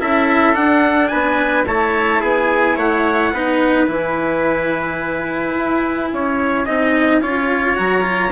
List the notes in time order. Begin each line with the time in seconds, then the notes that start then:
0.00 C#4 E4 A4 E5
0.53 D4 F#5
1.09 B3 B4 G#5
1.66 A3 E4 C#5 A5
2.21 B3 G#4 G#5
2.76 A3 C#5 F#5
3.33 B3 D#4 B4
3.87 E3 E4 G#5
5.57 E4
6.13 C#4 C#5
6.66 C4 D#4 D#5
7.22 C#4 F4 C#5
7.76 F#3 F#4 A#5
8.02 F4